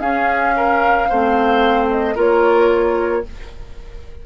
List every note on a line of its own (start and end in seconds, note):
0.00 1.08 C#4
0.00 1.09 C#4
0.00 0.54 G#4
0.00 1.87 F5
0.57 1.09 A#4
1.09 2.17 A3
1.09 2.15 C4
1.09 2.15 C5
1.91 2.18 D#5
2.15 3.24 A#3
2.15 3.23 F4
2.15 3.22 A#4
2.15 3.26 C#5